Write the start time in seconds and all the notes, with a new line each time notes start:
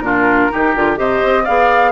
0.00 A#2 D4 F4 A#4
0.51 D#3 D#4 G4
0.76 D3 F4
0.97 C3 G4 C5 D#5
1.24 C4
1.43 B3 G#4 D5 F5